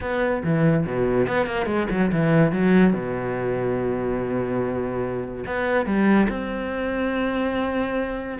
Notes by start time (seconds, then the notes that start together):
0.00 B3
0.43 E3
0.86 B2
1.27 B3
1.46 A#3
1.66 G#3
1.90 F#3
2.12 E3
2.52 F#3
2.93 B2
5.46 B3
5.85 G3
6.28 C4